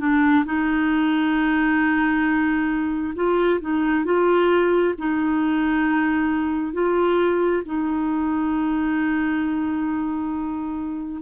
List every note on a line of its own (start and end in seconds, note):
0.00 0.45 D4
0.46 3.14 D#4
3.15 3.60 F4
3.61 4.05 D#4
4.05 4.95 F4
4.99 6.74 D#4
6.74 7.63 F4
7.66 11.22 D#4